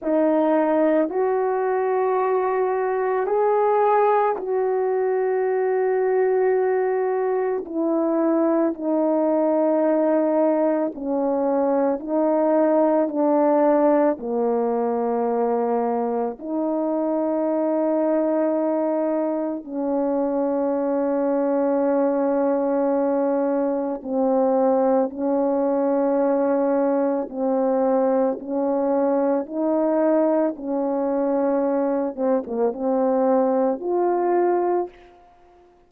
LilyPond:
\new Staff \with { instrumentName = "horn" } { \time 4/4 \tempo 4 = 55 dis'4 fis'2 gis'4 | fis'2. e'4 | dis'2 cis'4 dis'4 | d'4 ais2 dis'4~ |
dis'2 cis'2~ | cis'2 c'4 cis'4~ | cis'4 c'4 cis'4 dis'4 | cis'4. c'16 ais16 c'4 f'4 | }